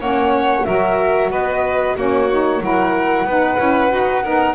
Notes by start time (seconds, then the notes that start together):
0.00 A#3 C#4 C#5 F#5
0.64 F#3 F#4 A#4 E5
1.30 B3 B4 D#5
1.96 A#3 C#4 F#4 C#5
2.30 D#4
2.60 F#3 E4 A#4 F#5
3.24 B3 D#4 B4
3.57 C#4 E4
3.89 D#4 F#4
4.23 B3 D#4 A#4